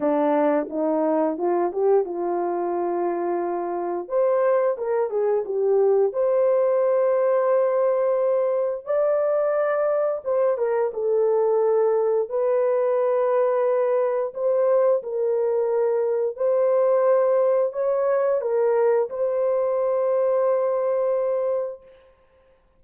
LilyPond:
\new Staff \with { instrumentName = "horn" } { \time 4/4 \tempo 4 = 88 d'4 dis'4 f'8 g'8 f'4~ | f'2 c''4 ais'8 gis'8 | g'4 c''2.~ | c''4 d''2 c''8 ais'8 |
a'2 b'2~ | b'4 c''4 ais'2 | c''2 cis''4 ais'4 | c''1 | }